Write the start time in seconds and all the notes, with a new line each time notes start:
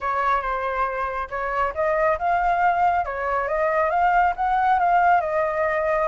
0.00 C#5
0.41 C5
1.29 C#5
1.74 D#5
2.18 F5
3.05 C#5
3.48 D#5
3.90 F5
4.36 F#5
4.79 F5
5.21 D#5